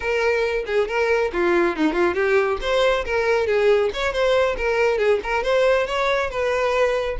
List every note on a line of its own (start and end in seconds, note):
0.00 0.64 A#4
0.66 0.88 G#4
0.88 1.31 A#4
1.32 1.75 F4
1.75 1.92 D#4
1.92 2.14 F4
2.14 2.58 G4
2.61 3.04 C5
3.05 3.46 A#4
3.46 3.90 G#4
3.93 4.12 C#5
4.12 4.56 C5
4.57 4.98 A#4
4.98 5.19 G#4
5.23 5.43 A#4
5.43 5.86 C5
5.87 6.29 C#5
6.29 7.16 B4